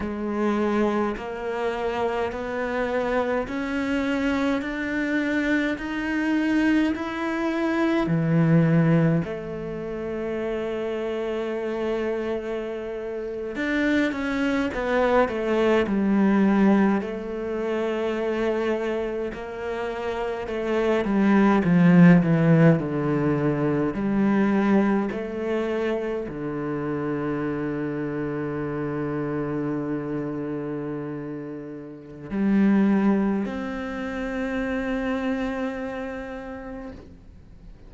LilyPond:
\new Staff \with { instrumentName = "cello" } { \time 4/4 \tempo 4 = 52 gis4 ais4 b4 cis'4 | d'4 dis'4 e'4 e4 | a2.~ a8. d'16~ | d'16 cis'8 b8 a8 g4 a4~ a16~ |
a8. ais4 a8 g8 f8 e8 d16~ | d8. g4 a4 d4~ d16~ | d1 | g4 c'2. | }